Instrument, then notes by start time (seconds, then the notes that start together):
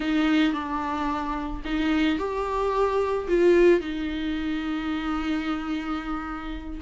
viola
0.00 D#4
0.53 D4
1.64 D#4
2.18 G4
3.28 F4
3.80 D#4